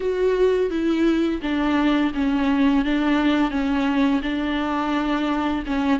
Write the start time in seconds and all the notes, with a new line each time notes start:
0.00 F#4
0.70 E4
1.41 D4
2.14 C#4
2.84 D4
3.50 C#4
4.22 D4
5.66 C#4